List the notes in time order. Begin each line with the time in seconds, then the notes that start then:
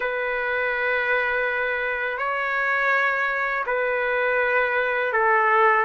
0.00 B4
2.18 C#5
3.66 B4
5.13 A4